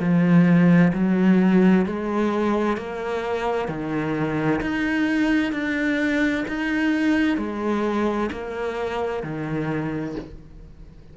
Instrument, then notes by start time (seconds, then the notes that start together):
cello
0.00 F3
0.94 F#3
1.86 G#3
2.77 A#3
3.68 D#3
4.61 D#4
5.53 D4
6.48 D#4
7.38 G#3
8.32 A#3
9.23 D#3